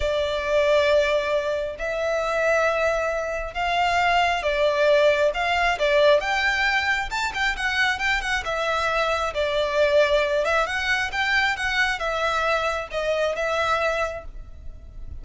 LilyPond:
\new Staff \with { instrumentName = "violin" } { \time 4/4 \tempo 4 = 135 d''1 | e''1 | f''2 d''2 | f''4 d''4 g''2 |
a''8 g''8 fis''4 g''8 fis''8 e''4~ | e''4 d''2~ d''8 e''8 | fis''4 g''4 fis''4 e''4~ | e''4 dis''4 e''2 | }